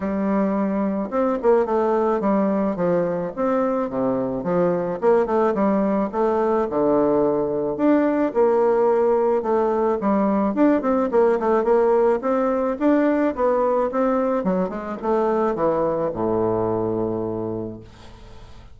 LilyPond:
\new Staff \with { instrumentName = "bassoon" } { \time 4/4 \tempo 4 = 108 g2 c'8 ais8 a4 | g4 f4 c'4 c4 | f4 ais8 a8 g4 a4 | d2 d'4 ais4~ |
ais4 a4 g4 d'8 c'8 | ais8 a8 ais4 c'4 d'4 | b4 c'4 fis8 gis8 a4 | e4 a,2. | }